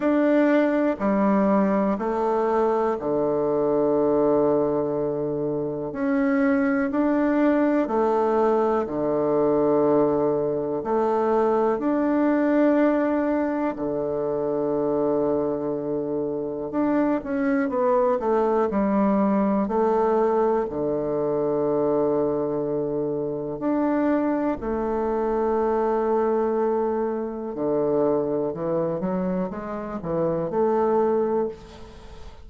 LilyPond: \new Staff \with { instrumentName = "bassoon" } { \time 4/4 \tempo 4 = 61 d'4 g4 a4 d4~ | d2 cis'4 d'4 | a4 d2 a4 | d'2 d2~ |
d4 d'8 cis'8 b8 a8 g4 | a4 d2. | d'4 a2. | d4 e8 fis8 gis8 e8 a4 | }